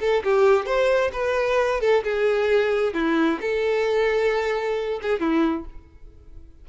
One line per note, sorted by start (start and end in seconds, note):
0.00 0.23 A4
0.24 0.65 G4
0.65 1.11 C5
1.12 1.81 B4
1.81 2.03 A4
2.04 2.94 G#4
2.94 3.39 E4
3.41 5.00 A4
5.02 5.19 G#4
5.19 5.65 E4